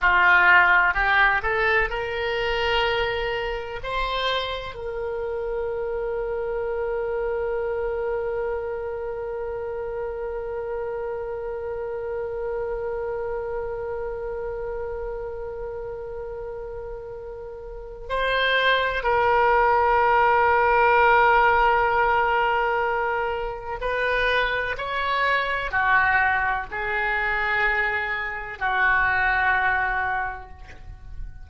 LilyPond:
\new Staff \with { instrumentName = "oboe" } { \time 4/4 \tempo 4 = 63 f'4 g'8 a'8 ais'2 | c''4 ais'2.~ | ais'1~ | ais'1~ |
ais'2. c''4 | ais'1~ | ais'4 b'4 cis''4 fis'4 | gis'2 fis'2 | }